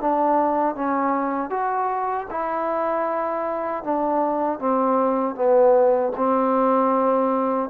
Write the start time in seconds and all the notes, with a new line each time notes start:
0.00 D4
0.75 C#4
1.50 F#4
2.30 E4
3.84 D4
4.59 C4
5.35 B3
6.16 C4